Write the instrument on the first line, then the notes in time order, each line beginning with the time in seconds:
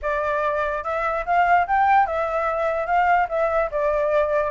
flute
0.02 D5
0.83 E5
1.25 F5
1.67 G5
2.06 E5
2.86 F5
3.28 E5
3.71 D5